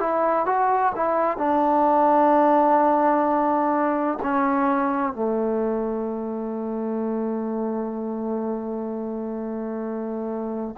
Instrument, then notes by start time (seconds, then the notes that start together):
trombone
0.00 E4
0.46 F#4
0.95 E4
1.38 D4
4.23 C#4
5.13 A3